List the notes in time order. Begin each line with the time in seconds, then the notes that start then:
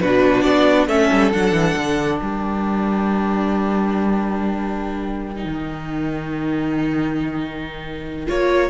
0.00 B2 D4 F#4 B4
0.41 B3 D5
0.87 A3 C#4 A4 E5
1.11 G3
1.32 F#3 D4 F#5
1.52 E3
1.77 D3
2.17 G3 A#4 G5
5.35 D#4
5.45 D#3
8.27 A#3 F4 C#5